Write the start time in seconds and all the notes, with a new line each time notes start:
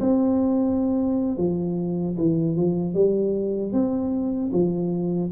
0.00 C4
1.37 F3
2.17 E3
2.56 F3
2.94 G3
3.72 C4
4.53 F3